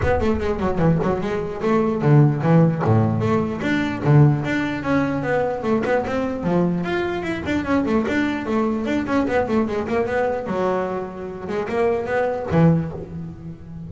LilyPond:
\new Staff \with { instrumentName = "double bass" } { \time 4/4 \tempo 4 = 149 b8 a8 gis8 fis8 e8 fis8 gis4 | a4 d4 e4 a,4 | a4 d'4 d4 d'4 | cis'4 b4 a8 b8 c'4 |
f4 f'4 e'8 d'8 cis'8 a8 | d'4 a4 d'8 cis'8 b8 a8 | gis8 ais8 b4 fis2~ | fis8 gis8 ais4 b4 e4 | }